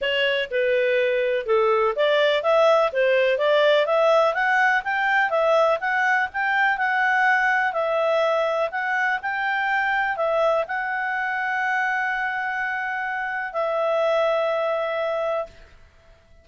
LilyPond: \new Staff \with { instrumentName = "clarinet" } { \time 4/4 \tempo 4 = 124 cis''4 b'2 a'4 | d''4 e''4 c''4 d''4 | e''4 fis''4 g''4 e''4 | fis''4 g''4 fis''2 |
e''2 fis''4 g''4~ | g''4 e''4 fis''2~ | fis''1 | e''1 | }